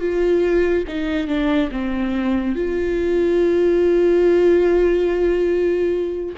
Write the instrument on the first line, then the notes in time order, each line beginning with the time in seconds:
viola
0.00 F4
0.88 D#4
1.28 D4
1.71 C4
2.55 F4